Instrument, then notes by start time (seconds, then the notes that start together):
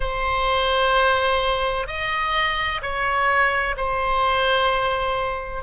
oboe
0.00 C5
1.87 D#5
2.81 C#5
3.76 C5